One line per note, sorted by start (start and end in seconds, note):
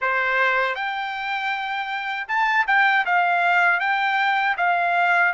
0.01 0.75 C5
0.75 2.26 G5
2.28 2.65 A5
2.67 3.05 G5
3.05 3.80 F5
3.80 4.56 G5
4.57 5.33 F5